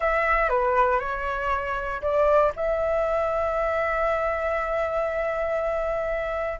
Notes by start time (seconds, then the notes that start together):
0.00 E5
0.49 B4
0.99 C#5
2.01 D5
2.56 E5